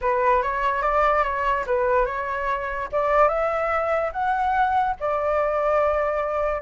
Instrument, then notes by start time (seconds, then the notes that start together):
flute
0.01 B4
0.42 C#5
0.82 D5
1.23 C#5
1.66 B4
2.05 C#5
2.92 D5
3.28 E5
4.12 F#5
5.00 D5